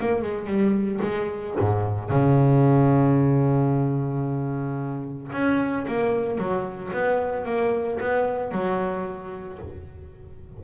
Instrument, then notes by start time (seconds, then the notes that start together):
double bass
0.00 A#3
0.22 G#3
0.47 G3
1.02 G#3
1.60 G#2
2.10 C#3
5.33 C#4
5.88 A#3
6.38 F#3
6.93 B3
7.46 A#3
8.00 B3
8.52 F#3